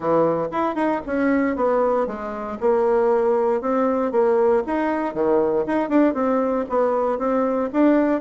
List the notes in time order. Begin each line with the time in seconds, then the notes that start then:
0.00 E3
0.51 E4
0.75 D#4
1.06 C#4
1.56 B3
2.07 G#3
2.60 A#3
3.61 C4
4.11 A#3
4.66 D#4
5.14 D#3
5.66 D#4
5.89 D4
6.14 C4
6.69 B3
7.18 C4
7.72 D4